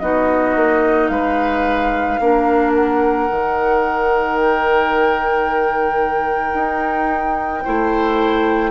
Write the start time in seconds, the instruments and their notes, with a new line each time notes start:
0.00 bassoon B3, clarinet D#4, oboe F#4, flute D#5
0.56 bassoon A#3
1.08 bassoon G#3, oboe B4, flute F5
2.20 bassoon A#3, clarinet D4, oboe A#4
2.75 flute F#5
3.30 bassoon D#3, clarinet D#4
4.37 flute G5
6.54 bassoon D#4
7.65 bassoon A3, clarinet E4, oboe C5